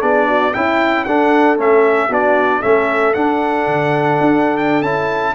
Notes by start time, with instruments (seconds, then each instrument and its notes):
0.00 tuba B3, trombone D4, horn G#4, trumpet D5
0.27 horn F#4
0.53 tuba C#4, trombone E4, horn E4, trumpet G5
1.04 tuba D4, trombone D4, horn A4, trumpet F#5
1.57 tuba A3, trombone C#4, trumpet E5
2.08 tuba B3, trombone D4, horn F#4, trumpet D5
2.60 tuba A3, trombone C#4, horn A4, trumpet E5
3.13 trombone D4, tuba D4, trumpet F#5
3.67 tuba D3
4.20 tuba D4
4.57 trumpet G5
4.82 tuba C#4, trombone E4, trumpet A5